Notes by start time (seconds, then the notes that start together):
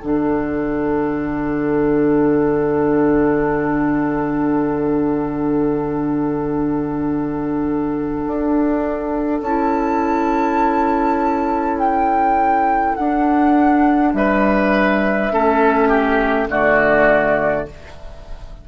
0.00 D3 D4 A4 F#5
8.26 D4
9.41 C#4 E4 A5
11.78 G5
12.95 D4 F#5
14.13 G3 B4 E5
15.31 A3 C#4 A4
15.88 G4
16.48 D3 A3 F#4 D5